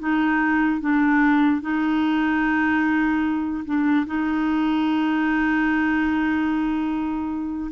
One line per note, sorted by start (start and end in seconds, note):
0.00 0.81 D#4
0.81 1.62 D4
1.62 3.65 D#4
3.66 4.06 D4
4.07 7.71 D#4